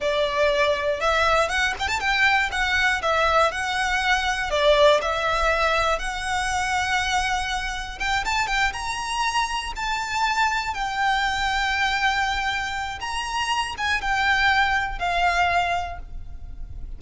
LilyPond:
\new Staff \with { instrumentName = "violin" } { \time 4/4 \tempo 4 = 120 d''2 e''4 fis''8 g''16 a''16 | g''4 fis''4 e''4 fis''4~ | fis''4 d''4 e''2 | fis''1 |
g''8 a''8 g''8 ais''2 a''8~ | a''4. g''2~ g''8~ | g''2 ais''4. gis''8 | g''2 f''2 | }